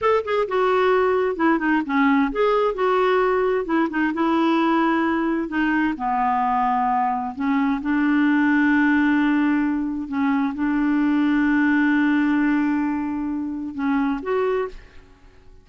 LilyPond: \new Staff \with { instrumentName = "clarinet" } { \time 4/4 \tempo 4 = 131 a'8 gis'8 fis'2 e'8 dis'8 | cis'4 gis'4 fis'2 | e'8 dis'8 e'2. | dis'4 b2. |
cis'4 d'2.~ | d'2 cis'4 d'4~ | d'1~ | d'2 cis'4 fis'4 | }